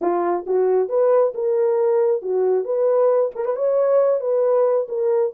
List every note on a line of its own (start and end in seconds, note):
0.01 0.45 F4
0.46 0.88 F#4
0.88 1.33 B4
1.34 2.21 A#4
2.21 2.64 F#4
2.64 3.31 B4
3.35 3.45 A#4
3.45 3.56 B4
3.56 4.20 C#5
4.20 4.87 B4
4.88 5.33 A#4